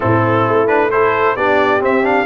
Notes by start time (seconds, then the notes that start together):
0.00 A2 C4 E4 A4
0.47 A3
0.67 D4 B4
0.91 E4 A4 C5
1.36 B3 D4 G4 D5
1.80 C4 E5
2.02 D4 F5